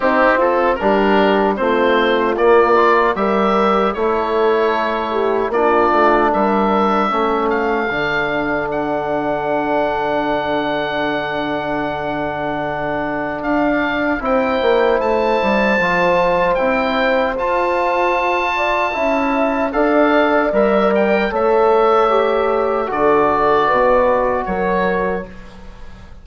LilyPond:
<<
  \new Staff \with { instrumentName = "oboe" } { \time 4/4 \tempo 4 = 76 g'8 a'8 ais'4 c''4 d''4 | e''4 cis''2 d''4 | e''4. f''4. fis''4~ | fis''1~ |
fis''4 f''4 g''4 a''4~ | a''4 g''4 a''2~ | a''4 f''4 e''8 g''8 e''4~ | e''4 d''2 cis''4 | }
  \new Staff \with { instrumentName = "horn" } { \time 4/4 dis'8 f'8 g'4 f'2 | ais'4 a'4. g'8 f'4 | ais'4 a'2.~ | a'1~ |
a'2 c''2~ | c''2.~ c''8 d''8 | e''4 d''2 cis''4~ | cis''4 a'4 b'4 ais'4 | }
  \new Staff \with { instrumentName = "trombone" } { \time 4/4 c'4 d'4 c'4 ais8 f'8 | g'4 e'2 d'4~ | d'4 cis'4 d'2~ | d'1~ |
d'2 e'2 | f'4 e'4 f'2 | e'4 a'4 ais'4 a'4 | g'4 fis'2. | }
  \new Staff \with { instrumentName = "bassoon" } { \time 4/4 c'4 g4 a4 ais4 | g4 a2 ais8 a8 | g4 a4 d2~ | d1~ |
d4 d'4 c'8 ais8 a8 g8 | f4 c'4 f'2 | cis'4 d'4 g4 a4~ | a4 d4 b,4 fis4 | }
>>